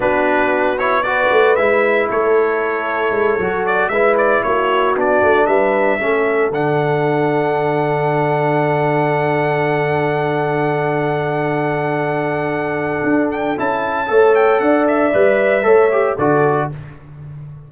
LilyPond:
<<
  \new Staff \with { instrumentName = "trumpet" } { \time 4/4 \tempo 4 = 115 b'4. cis''8 d''4 e''4 | cis''2. d''8 e''8 | d''8 cis''4 d''4 e''4.~ | e''8 fis''2.~ fis''8~ |
fis''1~ | fis''1~ | fis''4. g''8 a''4. g''8 | fis''8 e''2~ e''8 d''4 | }
  \new Staff \with { instrumentName = "horn" } { \time 4/4 fis'2 b'2 | a'2.~ a'8 b'8~ | b'8 fis'2 b'4 a'8~ | a'1~ |
a'1~ | a'1~ | a'2. cis''4 | d''2 cis''4 a'4 | }
  \new Staff \with { instrumentName = "trombone" } { \time 4/4 d'4. e'8 fis'4 e'4~ | e'2~ e'8 fis'4 e'8~ | e'4. d'2 cis'8~ | cis'8 d'2.~ d'8~ |
d'1~ | d'1~ | d'2 e'4 a'4~ | a'4 b'4 a'8 g'8 fis'4 | }
  \new Staff \with { instrumentName = "tuba" } { \time 4/4 b2~ b8 a8 gis4 | a2 gis8 fis4 gis8~ | gis8 ais4 b8 a8 g4 a8~ | a8 d2.~ d8~ |
d1~ | d1~ | d4 d'4 cis'4 a4 | d'4 g4 a4 d4 | }
>>